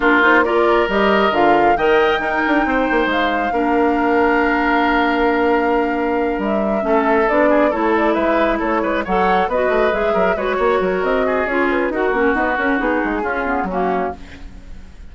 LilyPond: <<
  \new Staff \with { instrumentName = "flute" } { \time 4/4 \tempo 4 = 136 ais'8 c''8 d''4 dis''4 f''4 | g''2. f''4~ | f''1~ | f''2~ f''8 e''4.~ |
e''8 d''4 cis''8 d''8 e''4 cis''8~ | cis''8 fis''4 dis''4 e''4 cis''8~ | cis''4 dis''4 cis''8 b'8 ais'4 | b'8 ais'8 gis'2 fis'4 | }
  \new Staff \with { instrumentName = "oboe" } { \time 4/4 f'4 ais'2. | dis''4 ais'4 c''2 | ais'1~ | ais'2.~ ais'8 a'8~ |
a'4 gis'8 a'4 b'4 a'8 | b'8 cis''4 b'4. ais'8 b'8 | cis''8 ais'4 gis'4. fis'4~ | fis'2 f'4 cis'4 | }
  \new Staff \with { instrumentName = "clarinet" } { \time 4/4 d'8 dis'8 f'4 g'4 f'4 | ais'4 dis'2. | d'1~ | d'2.~ d'8 cis'8~ |
cis'8 d'4 e'2~ e'8~ | e'8 a'4 fis'4 gis'4 fis'8~ | fis'2 f'4 fis'8 cis'8 | b8 cis'8 dis'4 cis'8 b8 ais4 | }
  \new Staff \with { instrumentName = "bassoon" } { \time 4/4 ais2 g4 d4 | dis4 dis'8 d'8 c'8 ais8 gis4 | ais1~ | ais2~ ais8 g4 a8~ |
a8 b4 a4 gis4 a8 | gis8 fis4 b8 a8 gis8 fis8 gis8 | ais8 fis8 c'4 cis'4 dis'8 ais8 | dis'8 cis'8 b8 gis8 cis'4 fis4 | }
>>